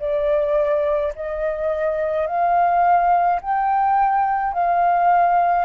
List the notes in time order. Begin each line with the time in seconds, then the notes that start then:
0.00 D5
1.16 D#5
2.27 F5
3.42 G5
4.53 F5